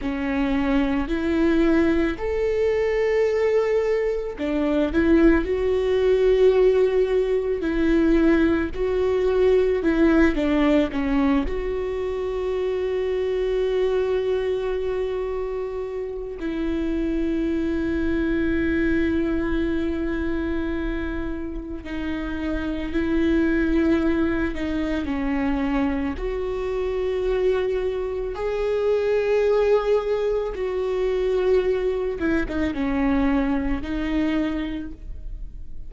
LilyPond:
\new Staff \with { instrumentName = "viola" } { \time 4/4 \tempo 4 = 55 cis'4 e'4 a'2 | d'8 e'8 fis'2 e'4 | fis'4 e'8 d'8 cis'8 fis'4.~ | fis'2. e'4~ |
e'1 | dis'4 e'4. dis'8 cis'4 | fis'2 gis'2 | fis'4. e'16 dis'16 cis'4 dis'4 | }